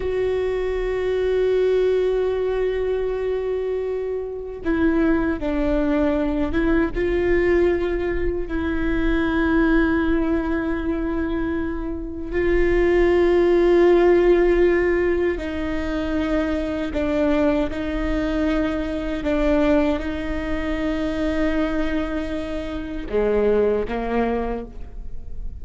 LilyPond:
\new Staff \with { instrumentName = "viola" } { \time 4/4 \tempo 4 = 78 fis'1~ | fis'2 e'4 d'4~ | d'8 e'8 f'2 e'4~ | e'1 |
f'1 | dis'2 d'4 dis'4~ | dis'4 d'4 dis'2~ | dis'2 gis4 ais4 | }